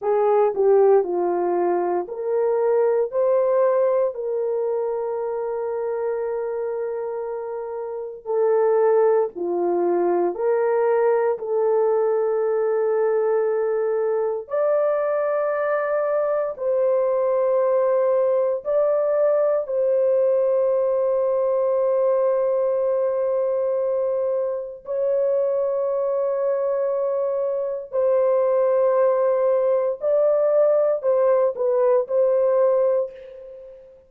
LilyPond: \new Staff \with { instrumentName = "horn" } { \time 4/4 \tempo 4 = 58 gis'8 g'8 f'4 ais'4 c''4 | ais'1 | a'4 f'4 ais'4 a'4~ | a'2 d''2 |
c''2 d''4 c''4~ | c''1 | cis''2. c''4~ | c''4 d''4 c''8 b'8 c''4 | }